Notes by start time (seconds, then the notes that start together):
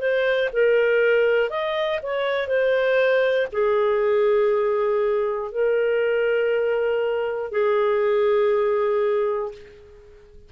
0.00 C5
0.53 A#4
1.50 D#5
2.03 C#5
2.48 C5
3.53 G#4
5.52 A#4
7.52 G#4